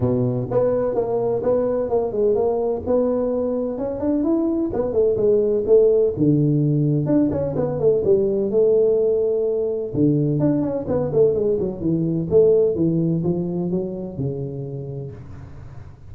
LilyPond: \new Staff \with { instrumentName = "tuba" } { \time 4/4 \tempo 4 = 127 b,4 b4 ais4 b4 | ais8 gis8 ais4 b2 | cis'8 d'8 e'4 b8 a8 gis4 | a4 d2 d'8 cis'8 |
b8 a8 g4 a2~ | a4 d4 d'8 cis'8 b8 a8 | gis8 fis8 e4 a4 e4 | f4 fis4 cis2 | }